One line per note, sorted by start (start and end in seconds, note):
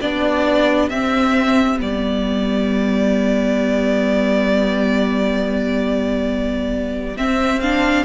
0.00 0.90 B3
0.00 0.91 D4
0.00 8.05 G4
0.00 0.89 D5
0.89 1.79 C4
0.89 1.77 C4
0.89 1.79 E5
1.77 7.18 G3
1.77 7.14 B3
1.77 7.17 D5
7.17 7.62 C4
7.17 8.05 C4
7.17 7.61 E5
7.61 8.05 D4
7.61 8.05 F5